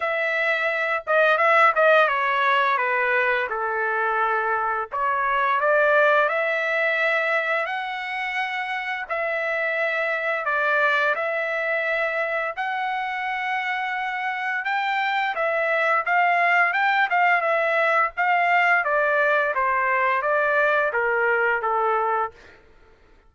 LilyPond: \new Staff \with { instrumentName = "trumpet" } { \time 4/4 \tempo 4 = 86 e''4. dis''8 e''8 dis''8 cis''4 | b'4 a'2 cis''4 | d''4 e''2 fis''4~ | fis''4 e''2 d''4 |
e''2 fis''2~ | fis''4 g''4 e''4 f''4 | g''8 f''8 e''4 f''4 d''4 | c''4 d''4 ais'4 a'4 | }